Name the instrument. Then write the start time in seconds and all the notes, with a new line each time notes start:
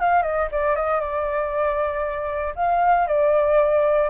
flute
0.00 F5
0.22 D#5
0.51 D5
0.76 D#5
1.00 D5
2.55 F5
3.07 D5